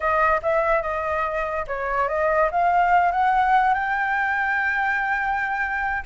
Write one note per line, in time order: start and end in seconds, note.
0.00 0.41 D#5
0.42 0.82 E5
0.82 1.65 D#5
1.67 2.08 C#5
2.08 2.50 D#5
2.51 3.11 F5
3.11 3.74 F#5
3.74 6.03 G5